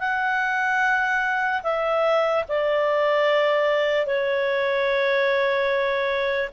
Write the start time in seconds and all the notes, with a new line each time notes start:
0.00 F#5
1.64 E5
2.49 D5
4.07 C#5